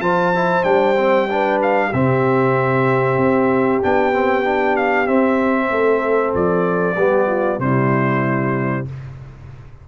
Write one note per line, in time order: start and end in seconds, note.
0.00 0.63 F3
0.00 0.34 F4
0.00 1.29 C5
0.00 0.63 A5
0.35 0.63 E4
0.63 1.91 G3
0.63 0.95 D4
0.63 1.58 G5
0.97 1.29 C4
1.29 1.92 D4
1.29 1.87 B4
1.62 1.93 F5
1.87 3.17 C3
1.87 3.82 C4
1.87 5.66 G4
1.87 3.82 E5
3.17 3.80 C4
3.82 5.08 B3
3.82 4.13 D4
3.82 4.76 G5
4.13 4.44 C4
4.44 5.06 D4
4.76 5.07 F5
5.06 6.96 C4
5.06 5.71 C4
5.06 6.33 E5
5.71 6.34 A3
5.71 6.97 A4
6.34 6.96 F3
6.34 7.60 D5
6.96 7.59 G3
6.96 7.60 B3
6.96 7.27 G4
7.27 7.59 F4
7.59 8.85 C3
7.59 8.86 G3
7.59 8.88 E4
7.59 8.87 C5